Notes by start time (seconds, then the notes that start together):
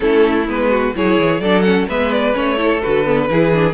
0.00 A3 C#4 E4 A4
0.48 G#3 B3 B4
0.70 F#4
0.95 F#3 E4 G#4 C#5
1.18 E3
1.39 F#3 D4 A4 D5
1.61 C#4 F#5
1.88 G#3 B3 B4 E5
2.12 D5
2.33 A3 C#4 C#5
2.57 E4 A4
2.81 D3 F#4 B4
3.05 B3
3.29 E3 E4 G#4
3.53 D4